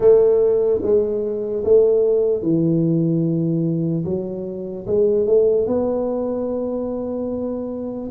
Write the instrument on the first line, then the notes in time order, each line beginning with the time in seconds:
tuba
0.00 A3
0.82 G#3
1.64 A3
2.42 E3
4.04 F#3
4.86 G#3
5.26 A3
5.66 B3